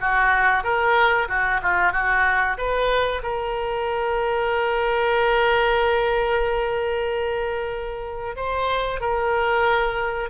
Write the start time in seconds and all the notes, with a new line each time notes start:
0.00 F#4
0.63 A#4
1.28 F#4
1.62 F4
1.92 F#4
2.57 B4
3.23 A#4
8.36 C5
9.00 A#4